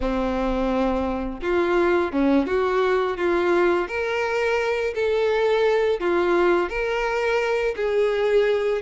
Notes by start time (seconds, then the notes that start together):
0.00 C4
1.42 F4
2.12 C#4
2.46 F#4
3.17 F4
3.88 A#4
4.94 A4
5.99 F4
6.69 A#4
7.76 G#4